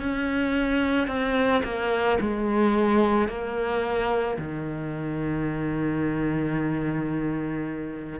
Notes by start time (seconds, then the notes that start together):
0.00 C#4
1.08 C4
1.64 A#3
2.20 G#3
3.29 A#3
4.38 D#3